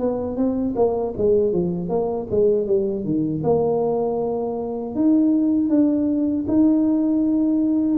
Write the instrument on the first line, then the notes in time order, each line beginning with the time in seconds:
tuba
0.00 B3
0.37 C4
0.76 A#3
1.18 G#3
1.53 F3
1.89 A#3
2.31 G#3
2.67 G3
3.05 D#3
3.44 A#3
4.95 D#4
5.70 D4
6.48 D#4